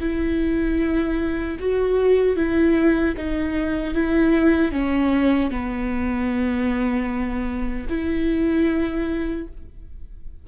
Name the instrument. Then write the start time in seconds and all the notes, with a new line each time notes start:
viola
0.00 E4
1.59 F#4
2.36 E4
3.17 D#4
3.94 E4
4.72 C#4
5.50 B3
7.89 E4